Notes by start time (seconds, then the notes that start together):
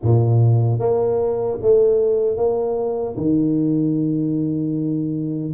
0.02 A#2
0.79 A#3
1.61 A3
2.36 A#3
3.17 D#3